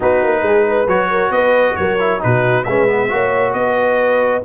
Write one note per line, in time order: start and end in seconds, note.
0.00 0.23 B3
0.00 0.87 D#4
0.00 0.42 F#4
0.00 0.88 B4
0.23 0.42 A#3
0.42 0.86 G#3
0.42 0.67 G#4
0.67 1.10 B4
0.86 1.30 F#3
0.86 1.99 F#4
0.86 1.32 C#5
1.10 1.32 A#4
1.30 1.74 B3
1.30 1.78 B4
1.30 1.76 D#5
1.76 2.23 F#3
1.76 2.23 A#4
1.76 2.20 C#5
1.99 2.19 E4
2.19 2.67 B2
2.19 2.64 D#4
2.19 2.67 F#4
2.19 2.64 B4
2.64 3.11 G#3
2.64 2.87 C#4
2.64 3.12 B4
2.64 3.52 E5
2.87 3.08 B3
3.08 3.53 A#3
3.08 4.42 F#4
3.08 3.57 C#5
3.53 4.42 B3
3.53 4.44 B4
3.53 4.42 D#5